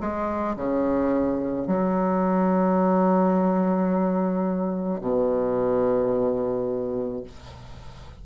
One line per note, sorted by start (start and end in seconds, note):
0.00 0.56 G#3
0.56 1.67 C#3
1.67 5.01 F#3
5.01 7.23 B2